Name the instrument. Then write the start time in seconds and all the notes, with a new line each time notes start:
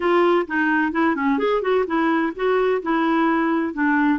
clarinet
0.00 F4
0.47 D#4
0.92 E4
1.15 C#4
1.38 G#4
1.62 F#4
1.86 E4
2.35 F#4
2.82 E4
3.73 D4